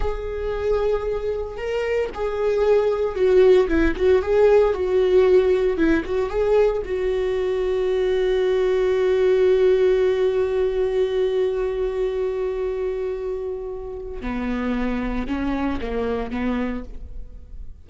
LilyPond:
\new Staff \with { instrumentName = "viola" } { \time 4/4 \tempo 4 = 114 gis'2. ais'4 | gis'2 fis'4 e'8 fis'8 | gis'4 fis'2 e'8 fis'8 | gis'4 fis'2.~ |
fis'1~ | fis'1~ | fis'2. b4~ | b4 cis'4 ais4 b4 | }